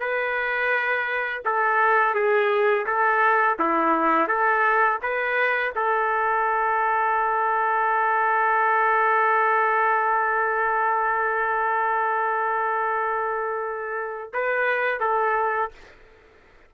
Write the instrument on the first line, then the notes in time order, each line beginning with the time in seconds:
trumpet
0.00 B4
1.45 A4
2.15 G#4
2.87 A4
3.59 E4
4.28 A4
5.02 B4
5.76 A4
14.34 B4
15.00 A4